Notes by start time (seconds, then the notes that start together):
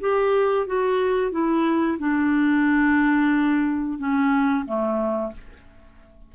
0.00 G4
0.66 F#4
1.31 E4
1.98 D4
3.98 C#4
4.65 A3